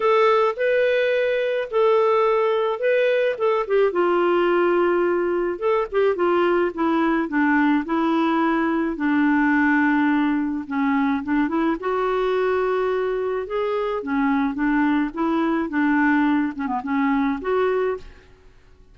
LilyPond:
\new Staff \with { instrumentName = "clarinet" } { \time 4/4 \tempo 4 = 107 a'4 b'2 a'4~ | a'4 b'4 a'8 g'8 f'4~ | f'2 a'8 g'8 f'4 | e'4 d'4 e'2 |
d'2. cis'4 | d'8 e'8 fis'2. | gis'4 cis'4 d'4 e'4 | d'4. cis'16 b16 cis'4 fis'4 | }